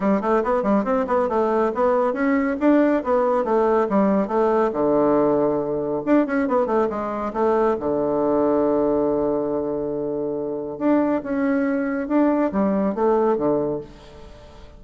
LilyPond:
\new Staff \with { instrumentName = "bassoon" } { \time 4/4 \tempo 4 = 139 g8 a8 b8 g8 c'8 b8 a4 | b4 cis'4 d'4 b4 | a4 g4 a4 d4~ | d2 d'8 cis'8 b8 a8 |
gis4 a4 d2~ | d1~ | d4 d'4 cis'2 | d'4 g4 a4 d4 | }